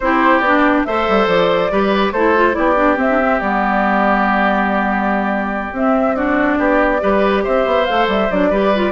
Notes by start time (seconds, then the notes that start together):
0.00 C4 E4 G4 C5
0.39 B3 D4 D5
0.84 A3 A4 C5 E5
1.08 G3
1.27 F3 D5
1.70 G3 G4 B4
2.12 A3 E4 A4 C5
2.35 F4
2.52 B3 E4 G4 D5
2.76 D4
2.96 C4 E5
3.09 D4
3.19 C4
3.39 G3 B3 D5
5.72 C4 E5
6.15 D4 F#4 D5
6.58 B3 G4
7.00 G3 G4 B4
7.43 C4 C5 E5
7.65 B3
7.85 A4 F5
7.91 A3
8.07 G3 E5
8.30 F#3 D4 D5
8.49 G3 G4 B4
8.75 F4